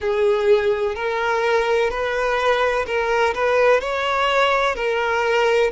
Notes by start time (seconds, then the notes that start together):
0.00 G#4
0.95 A#4
1.90 B4
2.86 A#4
3.34 B4
3.80 C#5
4.75 A#4